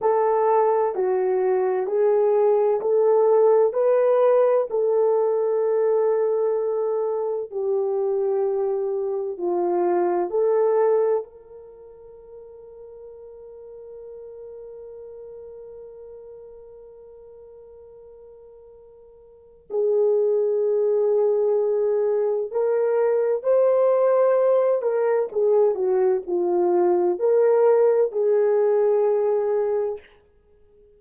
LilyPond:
\new Staff \with { instrumentName = "horn" } { \time 4/4 \tempo 4 = 64 a'4 fis'4 gis'4 a'4 | b'4 a'2. | g'2 f'4 a'4 | ais'1~ |
ais'1~ | ais'4 gis'2. | ais'4 c''4. ais'8 gis'8 fis'8 | f'4 ais'4 gis'2 | }